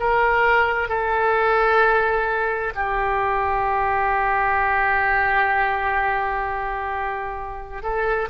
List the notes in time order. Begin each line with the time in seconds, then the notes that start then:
0.00 A#4
0.89 A4
2.75 G4
7.83 A4